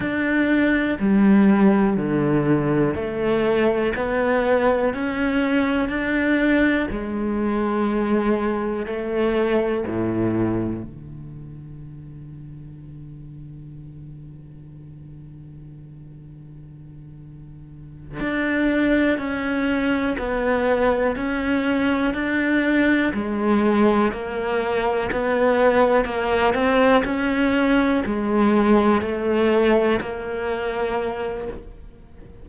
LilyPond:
\new Staff \with { instrumentName = "cello" } { \time 4/4 \tempo 4 = 61 d'4 g4 d4 a4 | b4 cis'4 d'4 gis4~ | gis4 a4 a,4 d4~ | d1~ |
d2~ d8 d'4 cis'8~ | cis'8 b4 cis'4 d'4 gis8~ | gis8 ais4 b4 ais8 c'8 cis'8~ | cis'8 gis4 a4 ais4. | }